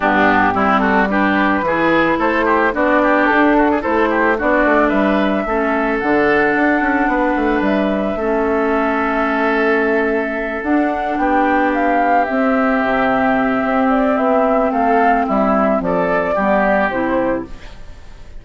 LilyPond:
<<
  \new Staff \with { instrumentName = "flute" } { \time 4/4 \tempo 4 = 110 g'4. a'8 b'2 | c''4 d''4 a'4 c''4 | d''4 e''2 fis''4~ | fis''2 e''2~ |
e''2.~ e''8 fis''8~ | fis''8 g''4 f''4 e''4.~ | e''4. d''8 e''4 f''4 | e''4 d''2 c''4 | }
  \new Staff \with { instrumentName = "oboe" } { \time 4/4 d'4 e'8 fis'8 g'4 gis'4 | a'8 g'8 fis'8 g'4 fis'16 gis'16 a'8 g'8 | fis'4 b'4 a'2~ | a'4 b'2 a'4~ |
a'1~ | a'8 g'2.~ g'8~ | g'2. a'4 | e'4 a'4 g'2 | }
  \new Staff \with { instrumentName = "clarinet" } { \time 4/4 b4 c'4 d'4 e'4~ | e'4 d'2 e'4 | d'2 cis'4 d'4~ | d'2. cis'4~ |
cis'2.~ cis'8 d'8~ | d'2~ d'8 c'4.~ | c'1~ | c'2 b4 e'4 | }
  \new Staff \with { instrumentName = "bassoon" } { \time 4/4 g,4 g2 e4 | a4 b4 d'4 a4 | b8 a8 g4 a4 d4 | d'8 cis'8 b8 a8 g4 a4~ |
a2.~ a8 d'8~ | d'8 b2 c'4 c8~ | c4 c'4 b4 a4 | g4 f4 g4 c4 | }
>>